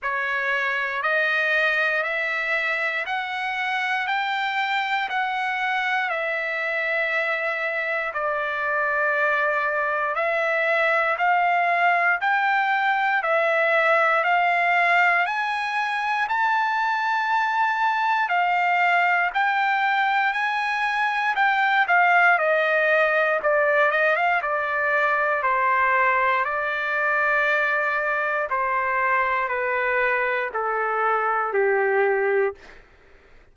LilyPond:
\new Staff \with { instrumentName = "trumpet" } { \time 4/4 \tempo 4 = 59 cis''4 dis''4 e''4 fis''4 | g''4 fis''4 e''2 | d''2 e''4 f''4 | g''4 e''4 f''4 gis''4 |
a''2 f''4 g''4 | gis''4 g''8 f''8 dis''4 d''8 dis''16 f''16 | d''4 c''4 d''2 | c''4 b'4 a'4 g'4 | }